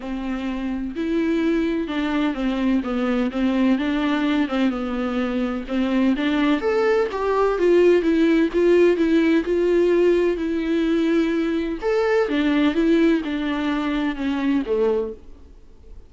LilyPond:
\new Staff \with { instrumentName = "viola" } { \time 4/4 \tempo 4 = 127 c'2 e'2 | d'4 c'4 b4 c'4 | d'4. c'8 b2 | c'4 d'4 a'4 g'4 |
f'4 e'4 f'4 e'4 | f'2 e'2~ | e'4 a'4 d'4 e'4 | d'2 cis'4 a4 | }